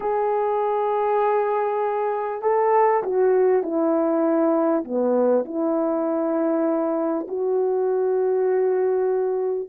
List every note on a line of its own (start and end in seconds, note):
0.00 2.42 G#4
2.42 3.02 A4
3.03 3.62 F#4
3.62 4.83 E4
4.84 5.44 B3
5.45 7.26 E4
7.28 9.68 F#4